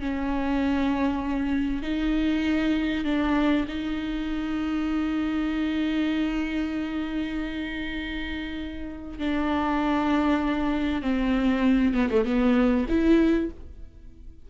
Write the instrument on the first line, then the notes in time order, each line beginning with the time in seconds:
viola
0.00 C#4
1.83 D#4
3.05 D4
3.68 D#4
9.19 D4
11.02 C4
11.94 B3
12.10 A3
12.25 B3
12.89 E4